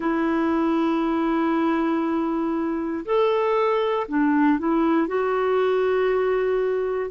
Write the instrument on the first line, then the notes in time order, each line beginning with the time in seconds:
clarinet
0.00 E4
3.05 A4
4.08 D4
4.59 E4
5.07 F#4